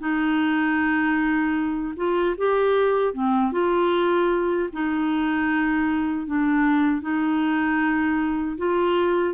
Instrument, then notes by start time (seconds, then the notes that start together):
clarinet
0.00 D#4
1.97 F4
2.38 G4
3.14 C4
3.53 F4
4.73 D#4
6.27 D4
7.02 D#4
8.58 F4